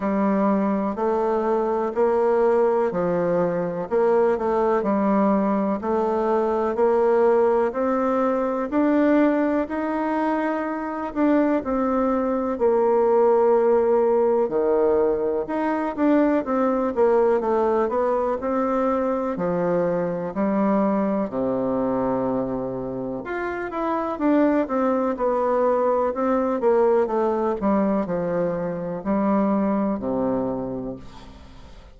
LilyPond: \new Staff \with { instrumentName = "bassoon" } { \time 4/4 \tempo 4 = 62 g4 a4 ais4 f4 | ais8 a8 g4 a4 ais4 | c'4 d'4 dis'4. d'8 | c'4 ais2 dis4 |
dis'8 d'8 c'8 ais8 a8 b8 c'4 | f4 g4 c2 | f'8 e'8 d'8 c'8 b4 c'8 ais8 | a8 g8 f4 g4 c4 | }